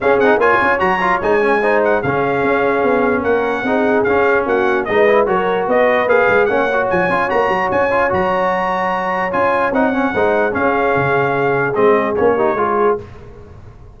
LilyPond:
<<
  \new Staff \with { instrumentName = "trumpet" } { \time 4/4 \tempo 4 = 148 f''8 fis''8 gis''4 ais''4 gis''4~ | gis''8 fis''8 f''2. | fis''2 f''4 fis''4 | dis''4 cis''4 dis''4 f''4 |
fis''4 gis''4 ais''4 gis''4 | ais''2. gis''4 | fis''2 f''2~ | f''4 dis''4 cis''2 | }
  \new Staff \with { instrumentName = "horn" } { \time 4/4 gis'4 cis''2. | c''4 gis'2. | ais'4 gis'2 fis'4 | b'4 ais'4 b'2 |
cis''1~ | cis''1~ | cis''4 c''4 gis'2~ | gis'2~ gis'8 g'8 gis'4 | }
  \new Staff \with { instrumentName = "trombone" } { \time 4/4 cis'8 dis'8 f'4 fis'8 f'8 dis'8 cis'8 | dis'4 cis'2.~ | cis'4 dis'4 cis'2 | dis'8 e'8 fis'2 gis'4 |
cis'8 fis'4 f'8 fis'4. f'8 | fis'2. f'4 | dis'8 cis'8 dis'4 cis'2~ | cis'4 c'4 cis'8 dis'8 f'4 | }
  \new Staff \with { instrumentName = "tuba" } { \time 4/4 cis'8 c'8 ais8 cis'8 fis4 gis4~ | gis4 cis4 cis'4 b4 | ais4 c'4 cis'4 ais4 | gis4 fis4 b4 ais8 gis8 |
ais4 f8 cis'8 ais8 fis8 cis'4 | fis2. cis'4 | c'4 gis4 cis'4 cis4~ | cis4 gis4 ais4 gis4 | }
>>